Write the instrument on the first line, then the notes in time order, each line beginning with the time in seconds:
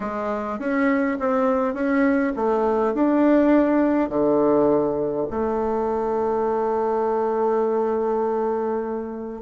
bassoon
0.00 G#3
0.59 C#4
1.19 C4
1.74 C#4
2.36 A3
2.94 D4
4.09 D3
5.30 A3